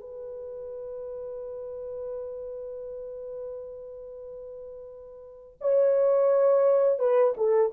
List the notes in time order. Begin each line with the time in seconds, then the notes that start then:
0.00 B4
5.61 C#5
6.99 B4
7.37 A4